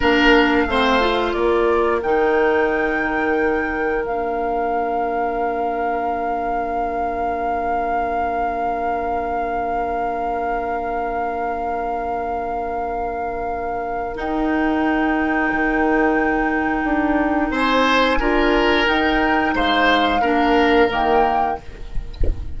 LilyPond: <<
  \new Staff \with { instrumentName = "flute" } { \time 4/4 \tempo 4 = 89 f''2 d''4 g''4~ | g''2 f''2~ | f''1~ | f''1~ |
f''1~ | f''4 g''2.~ | g''2 gis''2 | g''4 f''2 g''4 | }
  \new Staff \with { instrumentName = "oboe" } { \time 4/4 ais'4 c''4 ais'2~ | ais'1~ | ais'1~ | ais'1~ |
ais'1~ | ais'1~ | ais'2 c''4 ais'4~ | ais'4 c''4 ais'2 | }
  \new Staff \with { instrumentName = "clarinet" } { \time 4/4 d'4 c'8 f'4. dis'4~ | dis'2 d'2~ | d'1~ | d'1~ |
d'1~ | d'4 dis'2.~ | dis'2. f'4 | dis'2 d'4 ais4 | }
  \new Staff \with { instrumentName = "bassoon" } { \time 4/4 ais4 a4 ais4 dis4~ | dis2 ais2~ | ais1~ | ais1~ |
ais1~ | ais4 dis'2 dis4~ | dis4 d'4 c'4 d'4 | dis'4 gis4 ais4 dis4 | }
>>